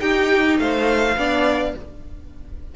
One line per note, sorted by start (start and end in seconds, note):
0.00 1.16 D#4
0.00 0.59 D#4
0.00 0.59 G4
0.00 0.58 G5
0.59 1.16 A3
0.59 1.18 C5
0.59 1.75 F5
1.17 1.74 B3
1.17 1.75 D4
1.17 1.75 D5